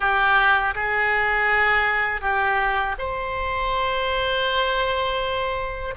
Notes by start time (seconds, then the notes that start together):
0.00 G4
0.74 G#4
2.21 G4
2.98 C5